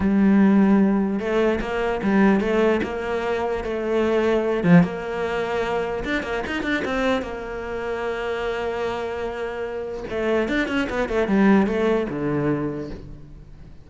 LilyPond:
\new Staff \with { instrumentName = "cello" } { \time 4/4 \tempo 4 = 149 g2. a4 | ais4 g4 a4 ais4~ | ais4 a2~ a8 f8 | ais2. d'8 ais8 |
dis'8 d'8 c'4 ais2~ | ais1~ | ais4 a4 d'8 cis'8 b8 a8 | g4 a4 d2 | }